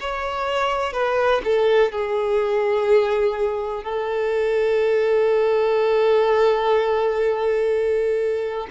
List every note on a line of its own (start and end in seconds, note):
0.00 0.93 C#5
0.93 1.41 B4
1.44 1.92 A4
1.92 3.83 G#4
3.83 8.67 A4